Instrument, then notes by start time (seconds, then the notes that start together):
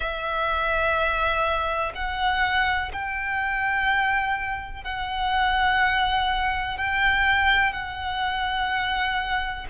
violin
0.00 E5
1.94 F#5
2.93 G5
4.84 F#5
6.77 G5
7.72 F#5